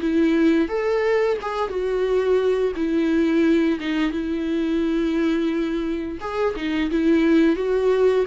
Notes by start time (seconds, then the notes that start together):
0.00 E4
0.68 A4
1.41 G#4
1.69 F#4
2.76 E4
3.80 D#4
4.11 E4
6.20 G#4
6.56 D#4
6.91 E4
7.56 F#4